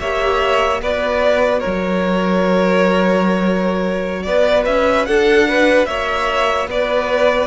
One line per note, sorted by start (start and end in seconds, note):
0.00 0.82 A#3
0.00 0.81 G4
0.00 0.82 C#5
0.00 0.81 E5
0.81 1.63 B3
0.81 7.48 F#4
0.81 1.60 B4
0.81 1.60 D5
1.60 4.23 A#4
1.60 4.23 C#5
1.67 4.27 F#3
4.23 4.67 B3
4.23 5.08 B4
4.23 4.64 D5
4.66 5.08 C#4
4.66 5.06 E5
5.06 5.87 D4
5.06 5.48 A4
5.06 5.86 F#5
5.48 5.89 B4
5.86 6.68 A#3
5.86 6.70 C#5
5.86 6.67 E5
6.68 7.48 B3
6.68 7.48 B4
6.68 7.48 D5